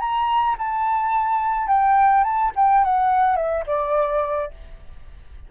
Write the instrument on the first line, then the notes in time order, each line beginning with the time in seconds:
flute
0.00 A#5
0.59 A5
1.68 G5
2.24 A5
2.56 G5
2.85 F#5
3.36 E5
3.67 D5